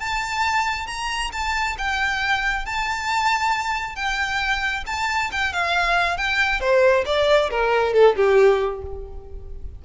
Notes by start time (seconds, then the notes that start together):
0.00 A5
0.87 A#5
1.33 A5
1.78 G5
2.66 A5
3.96 G5
4.87 A5
5.32 G5
5.53 F5
6.18 G5
6.61 C5
7.06 D5
7.51 A#4
7.94 A4
8.16 G4